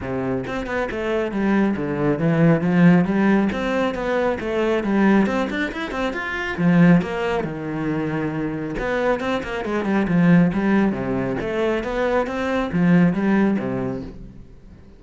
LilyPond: \new Staff \with { instrumentName = "cello" } { \time 4/4 \tempo 4 = 137 c4 c'8 b8 a4 g4 | d4 e4 f4 g4 | c'4 b4 a4 g4 | c'8 d'8 e'8 c'8 f'4 f4 |
ais4 dis2. | b4 c'8 ais8 gis8 g8 f4 | g4 c4 a4 b4 | c'4 f4 g4 c4 | }